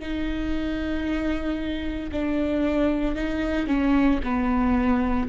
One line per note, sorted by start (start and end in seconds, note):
0.00 2.11 D#4
2.12 3.16 D4
3.16 3.67 D#4
3.67 4.20 C#4
4.24 5.29 B3